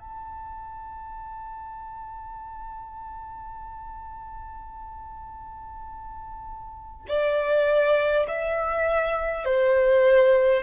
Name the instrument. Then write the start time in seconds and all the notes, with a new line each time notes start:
violin
0.00 A5
7.09 D5
8.28 E5
9.45 C5